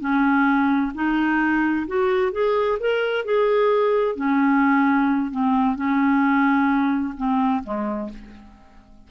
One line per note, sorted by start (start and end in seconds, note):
0.00 0.92 C#4
0.94 1.87 D#4
1.88 2.32 F#4
2.32 2.79 G#4
2.80 3.25 A#4
3.25 4.16 G#4
4.16 5.31 C#4
5.31 5.76 C4
5.76 7.14 C#4
7.17 7.63 C4
7.64 8.10 G#3